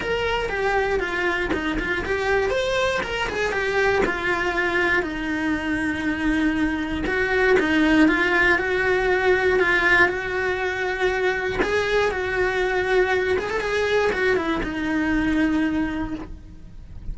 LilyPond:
\new Staff \with { instrumentName = "cello" } { \time 4/4 \tempo 4 = 119 ais'4 g'4 f'4 dis'8 f'8 | g'4 c''4 ais'8 gis'8 g'4 | f'2 dis'2~ | dis'2 fis'4 dis'4 |
f'4 fis'2 f'4 | fis'2. gis'4 | fis'2~ fis'8 gis'16 a'16 gis'4 | fis'8 e'8 dis'2. | }